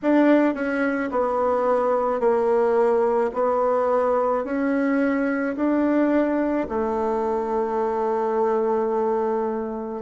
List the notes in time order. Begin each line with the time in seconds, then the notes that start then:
0.02 D4
0.54 C#4
1.11 B3
2.19 A#3
3.33 B3
4.44 C#4
5.56 D4
6.69 A3